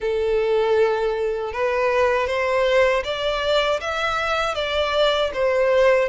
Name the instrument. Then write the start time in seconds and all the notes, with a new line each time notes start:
violin
0.00 A4
1.52 B4
2.27 C5
3.03 D5
3.80 E5
4.55 D5
5.33 C5